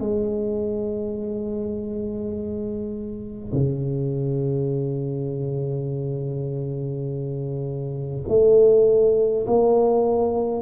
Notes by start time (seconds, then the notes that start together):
0.00 G#3
3.52 C#3
8.28 A3
9.47 A#3